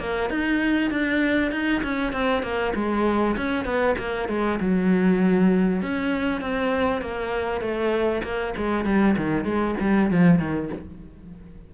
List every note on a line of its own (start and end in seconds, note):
0.00 0.30 A#3
0.30 0.91 D#4
0.91 1.52 D4
1.52 1.82 D#4
1.83 2.13 C#4
2.13 2.43 C4
2.43 2.73 A#3
2.76 3.37 G#3
3.37 3.65 C#4
3.65 3.96 B3
3.98 4.29 A#3
4.29 4.60 G#3
4.61 5.83 F#3
5.83 6.41 C#4
6.41 7.02 C4
7.02 7.61 A#3
7.61 8.23 A3
8.23 8.54 A#3
8.57 8.86 G#3
8.86 9.16 G3
9.17 9.45 D#3
9.45 9.76 G#3
9.80 10.11 G3
10.11 10.39 F3
10.39 10.70 D#3